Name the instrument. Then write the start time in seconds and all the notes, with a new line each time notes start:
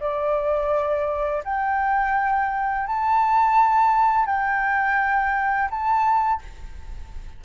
flute
0.00 D5
1.44 G5
2.87 A5
4.26 G5
5.70 A5